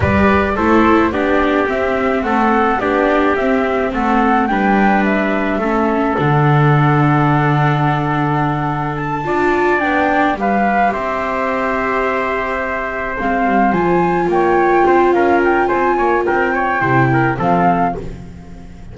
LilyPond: <<
  \new Staff \with { instrumentName = "flute" } { \time 4/4 \tempo 4 = 107 d''4 c''4 d''4 e''4 | fis''4 d''4 e''4 fis''4 | g''4 e''2 fis''4~ | fis''1 |
a''4. g''4 f''4 e''8~ | e''2.~ e''8 f''8~ | f''8 gis''4 g''4. f''8 g''8 | gis''4 g''2 f''4 | }
  \new Staff \with { instrumentName = "trumpet" } { \time 4/4 b'4 a'4 g'2 | a'4 g'2 a'4 | b'2 a'2~ | a'1~ |
a'8 d''2 b'4 c''8~ | c''1~ | c''4. cis''4 c''8 ais'4 | c''8 cis''8 ais'8 cis''8 c''8 ais'8 a'4 | }
  \new Staff \with { instrumentName = "viola" } { \time 4/4 g'4 e'4 d'4 c'4~ | c'4 d'4 c'2 | d'2 cis'4 d'4~ | d'1~ |
d'8 f'4 d'4 g'4.~ | g'2.~ g'8 c'8~ | c'8 f'2.~ f'8~ | f'2 e'4 c'4 | }
  \new Staff \with { instrumentName = "double bass" } { \time 4/4 g4 a4 b4 c'4 | a4 b4 c'4 a4 | g2 a4 d4~ | d1~ |
d8 d'4 b4 g4 c'8~ | c'2.~ c'8 gis8 | g8 f4 ais4 c'8 cis'4 | c'8 ais8 c'4 c4 f4 | }
>>